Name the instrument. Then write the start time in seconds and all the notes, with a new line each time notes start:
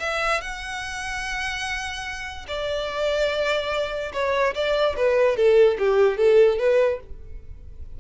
violin
0.00 E5
0.41 F#5
2.48 D5
4.13 C#5
4.55 D5
4.97 B4
5.36 A4
5.79 G4
6.18 A4
6.59 B4